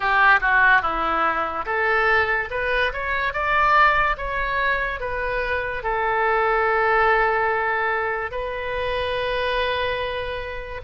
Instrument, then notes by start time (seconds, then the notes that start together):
oboe
0.00 G4
0.41 F#4
0.81 E4
1.65 A4
2.50 B4
2.92 C#5
3.33 D5
4.17 C#5
5.00 B4
5.83 A4
8.31 B4